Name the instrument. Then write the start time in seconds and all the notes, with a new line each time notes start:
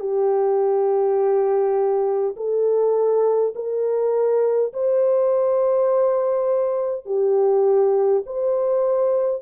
horn
0.00 G4
2.36 A4
3.55 A#4
4.73 C5
7.06 G4
8.26 C5